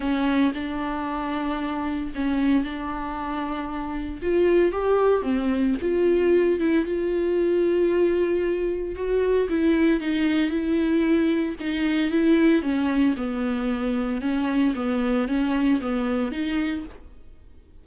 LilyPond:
\new Staff \with { instrumentName = "viola" } { \time 4/4 \tempo 4 = 114 cis'4 d'2. | cis'4 d'2. | f'4 g'4 c'4 f'4~ | f'8 e'8 f'2.~ |
f'4 fis'4 e'4 dis'4 | e'2 dis'4 e'4 | cis'4 b2 cis'4 | b4 cis'4 b4 dis'4 | }